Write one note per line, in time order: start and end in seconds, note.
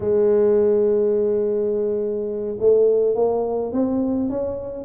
0.00 2.57 G#3
2.59 3.15 A3
3.15 3.72 A#3
3.72 4.29 C4
4.29 4.84 C#4